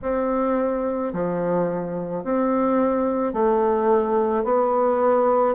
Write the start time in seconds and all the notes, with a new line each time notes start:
0.02 C4
1.13 F3
2.24 C4
3.33 A3
4.44 B3